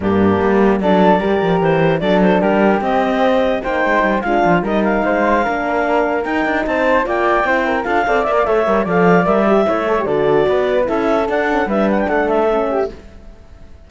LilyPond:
<<
  \new Staff \with { instrumentName = "clarinet" } { \time 4/4 \tempo 4 = 149 g'2 d''2 | c''4 d''8 c''8 ais'4 dis''4~ | dis''4 g''4. f''4 dis''8 | f''2.~ f''8 g''8~ |
g''8 a''4 g''2 f''8~ | f''8 e''16 f''16 e''4 f''4 e''4~ | e''4 d''2 e''4 | fis''4 e''8 fis''16 g''16 fis''8 e''4. | }
  \new Staff \with { instrumentName = "flute" } { \time 4/4 d'2 a'4 ais'4~ | ais'4 a'4 g'2~ | g'4 c''4. f'4 ais'8~ | ais'8 c''4 ais'2~ ais'8~ |
ais'8 c''4 d''4 c''8 ais'8 a'8 | d''4 cis''4 d''2 | cis''4 a'4 b'4 a'4~ | a'4 b'4 a'4. g'8 | }
  \new Staff \with { instrumentName = "horn" } { \time 4/4 ais2 d'4 g'4~ | g'4 d'2 c'4~ | c'4 dis'4. d'4 dis'8~ | dis'4. d'2 dis'8~ |
dis'4. f'4 e'4 f'8 | a'8 ais'8 a'8 ais'8 a'4 ais'8 g'8 | e'8 a'16 g'16 fis'2 e'4 | d'8 cis'8 d'2 cis'4 | }
  \new Staff \with { instrumentName = "cello" } { \time 4/4 g,4 g4 fis4 g8 f8 | e4 fis4 g4 c'4~ | c'4 ais8 gis8 g8 gis8 f8 g8~ | g8 gis4 ais2 dis'8 |
d'8 c'4 ais4 c'4 d'8 | c'8 ais8 a8 g8 f4 g4 | a4 d4 b4 cis'4 | d'4 g4 a2 | }
>>